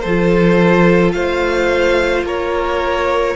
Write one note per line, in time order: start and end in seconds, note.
0.00 1.13 F3
0.00 1.14 A4
0.00 1.11 C5
0.06 3.36 F4
1.12 2.23 A3
1.12 2.25 C5
1.12 2.23 F5
2.23 3.34 A#3
2.23 3.36 A#4
2.23 3.36 C#5